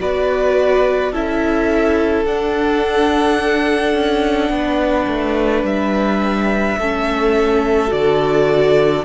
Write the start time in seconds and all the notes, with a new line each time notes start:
0.00 B3 F#4 B4 D5
1.12 C#4 E4 A4 E5
2.25 D4 F#5
3.94 C#4
4.49 B3
4.57 B4
5.06 A3
5.62 G3 E5
6.78 A3 C#4 A4
7.88 D3 F#4 D5